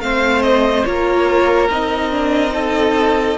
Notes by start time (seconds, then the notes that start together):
0.00 A3 C4 C5 F5
0.42 D#5
0.84 A#3 F4 A#4 C#5
1.70 C4 D#4 D#5
2.12 D4
2.51 D#4 A4